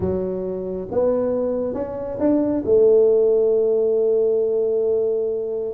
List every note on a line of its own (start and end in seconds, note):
0.00 0.88 F#3
0.91 1.74 B3
1.74 2.18 C#4
2.19 2.63 D4
2.65 5.74 A3